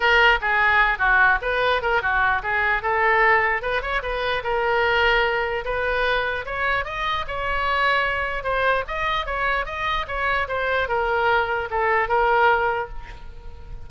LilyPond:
\new Staff \with { instrumentName = "oboe" } { \time 4/4 \tempo 4 = 149 ais'4 gis'4. fis'4 b'8~ | b'8 ais'8 fis'4 gis'4 a'4~ | a'4 b'8 cis''8 b'4 ais'4~ | ais'2 b'2 |
cis''4 dis''4 cis''2~ | cis''4 c''4 dis''4 cis''4 | dis''4 cis''4 c''4 ais'4~ | ais'4 a'4 ais'2 | }